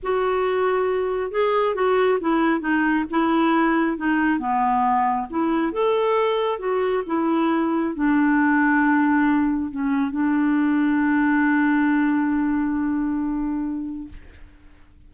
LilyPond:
\new Staff \with { instrumentName = "clarinet" } { \time 4/4 \tempo 4 = 136 fis'2. gis'4 | fis'4 e'4 dis'4 e'4~ | e'4 dis'4 b2 | e'4 a'2 fis'4 |
e'2 d'2~ | d'2 cis'4 d'4~ | d'1~ | d'1 | }